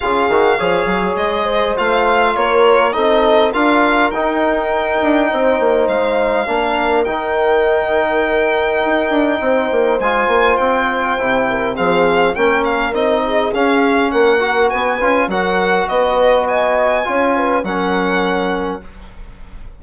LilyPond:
<<
  \new Staff \with { instrumentName = "violin" } { \time 4/4 \tempo 4 = 102 f''2 dis''4 f''4 | cis''4 dis''4 f''4 g''4~ | g''2 f''2 | g''1~ |
g''4 gis''4 g''2 | f''4 g''8 f''8 dis''4 f''4 | fis''4 gis''4 fis''4 dis''4 | gis''2 fis''2 | }
  \new Staff \with { instrumentName = "horn" } { \time 4/4 gis'4 cis''4. c''4. | ais'4 a'4 ais'2~ | ais'4 c''2 ais'4~ | ais'1 |
c''2.~ c''8 ais'8 | gis'4 ais'4. gis'4. | ais'4 b'4 ais'4 b'4 | dis''4 cis''8 b'8 ais'2 | }
  \new Staff \with { instrumentName = "trombone" } { \time 4/4 f'8 fis'8 gis'2 f'4~ | f'4 dis'4 f'4 dis'4~ | dis'2. d'4 | dis'1~ |
dis'4 f'2 e'4 | c'4 cis'4 dis'4 cis'4~ | cis'8 fis'4 f'8 fis'2~ | fis'4 f'4 cis'2 | }
  \new Staff \with { instrumentName = "bassoon" } { \time 4/4 cis8 dis8 f8 fis8 gis4 a4 | ais4 c'4 d'4 dis'4~ | dis'8 d'8 c'8 ais8 gis4 ais4 | dis2. dis'8 d'8 |
c'8 ais8 gis8 ais8 c'4 c4 | f4 ais4 c'4 cis'4 | ais4 b8 cis'8 fis4 b4~ | b4 cis'4 fis2 | }
>>